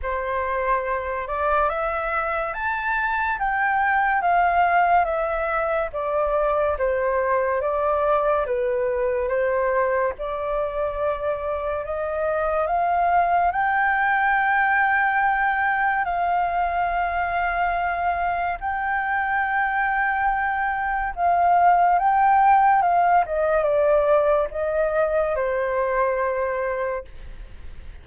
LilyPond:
\new Staff \with { instrumentName = "flute" } { \time 4/4 \tempo 4 = 71 c''4. d''8 e''4 a''4 | g''4 f''4 e''4 d''4 | c''4 d''4 b'4 c''4 | d''2 dis''4 f''4 |
g''2. f''4~ | f''2 g''2~ | g''4 f''4 g''4 f''8 dis''8 | d''4 dis''4 c''2 | }